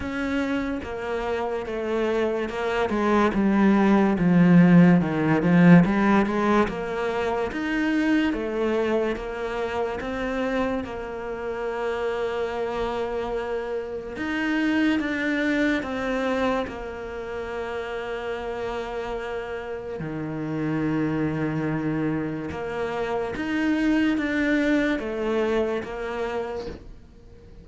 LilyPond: \new Staff \with { instrumentName = "cello" } { \time 4/4 \tempo 4 = 72 cis'4 ais4 a4 ais8 gis8 | g4 f4 dis8 f8 g8 gis8 | ais4 dis'4 a4 ais4 | c'4 ais2.~ |
ais4 dis'4 d'4 c'4 | ais1 | dis2. ais4 | dis'4 d'4 a4 ais4 | }